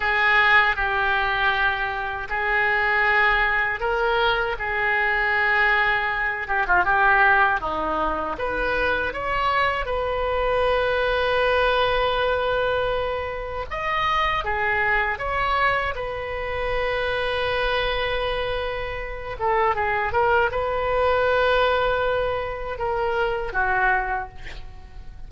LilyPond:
\new Staff \with { instrumentName = "oboe" } { \time 4/4 \tempo 4 = 79 gis'4 g'2 gis'4~ | gis'4 ais'4 gis'2~ | gis'8 g'16 f'16 g'4 dis'4 b'4 | cis''4 b'2.~ |
b'2 dis''4 gis'4 | cis''4 b'2.~ | b'4. a'8 gis'8 ais'8 b'4~ | b'2 ais'4 fis'4 | }